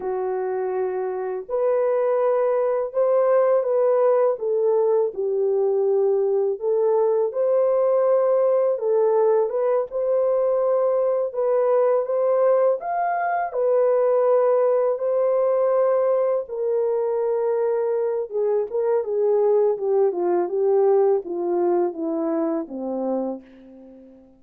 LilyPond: \new Staff \with { instrumentName = "horn" } { \time 4/4 \tempo 4 = 82 fis'2 b'2 | c''4 b'4 a'4 g'4~ | g'4 a'4 c''2 | a'4 b'8 c''2 b'8~ |
b'8 c''4 f''4 b'4.~ | b'8 c''2 ais'4.~ | ais'4 gis'8 ais'8 gis'4 g'8 f'8 | g'4 f'4 e'4 c'4 | }